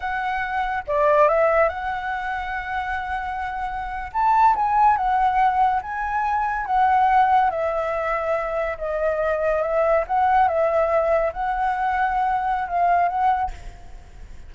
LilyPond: \new Staff \with { instrumentName = "flute" } { \time 4/4 \tempo 4 = 142 fis''2 d''4 e''4 | fis''1~ | fis''4.~ fis''16 a''4 gis''4 fis''16~ | fis''4.~ fis''16 gis''2 fis''16~ |
fis''4.~ fis''16 e''2~ e''16~ | e''8. dis''2 e''4 fis''16~ | fis''8. e''2 fis''4~ fis''16~ | fis''2 f''4 fis''4 | }